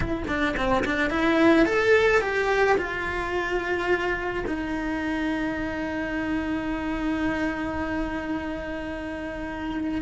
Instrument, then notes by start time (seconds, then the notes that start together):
cello
0.00 E4
0.27 D4
0.56 C4
0.85 D4
1.10 E4
1.65 A4
2.21 G4
2.77 F4
4.46 D#4